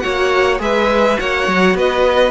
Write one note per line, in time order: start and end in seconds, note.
0.00 0.60 A#3
0.00 0.59 F#4
0.00 0.62 C#5
0.00 0.58 F#5
0.59 1.18 G#3
0.59 1.16 G#4
0.59 1.20 B4
0.59 1.19 E5
1.16 1.48 A#3
1.16 2.32 F#4
1.16 1.77 C#5
1.16 1.77 F#5
1.48 1.74 F#3
1.74 2.32 B3
1.74 2.32 B4
1.74 2.32 D#5